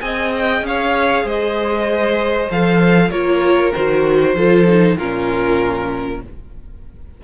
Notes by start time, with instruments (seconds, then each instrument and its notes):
0.00 cello C4, viola G#4, violin D#5 G#5
0.36 violin G5
0.61 cello C#4, violin F5
0.67 violin C#5
1.24 cello G#3, violin C5 D#5
2.51 cello F3, viola A4, violin F5
3.10 cello A#3, viola F4, violin A#4 C#5
3.73 cello D#3, viola F#4, violin C5
4.35 cello F3, viola F4, violin A4
4.67 viola D#4
4.97 cello A#2, viola C#4, violin F4 A#4